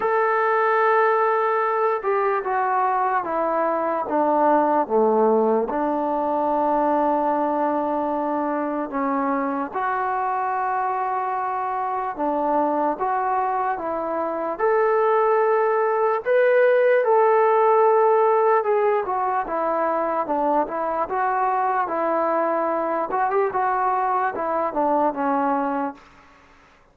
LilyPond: \new Staff \with { instrumentName = "trombone" } { \time 4/4 \tempo 4 = 74 a'2~ a'8 g'8 fis'4 | e'4 d'4 a4 d'4~ | d'2. cis'4 | fis'2. d'4 |
fis'4 e'4 a'2 | b'4 a'2 gis'8 fis'8 | e'4 d'8 e'8 fis'4 e'4~ | e'8 fis'16 g'16 fis'4 e'8 d'8 cis'4 | }